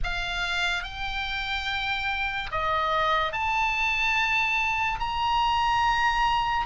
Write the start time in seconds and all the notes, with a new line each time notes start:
0.03 F5
0.83 G5
2.52 D#5
3.32 A5
4.99 A#5